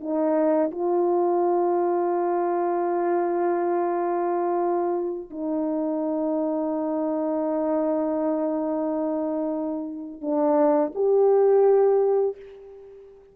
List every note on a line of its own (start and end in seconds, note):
0.00 0.71 D#4
0.71 5.30 F4
5.30 10.21 D#4
10.21 10.92 D4
10.94 12.36 G4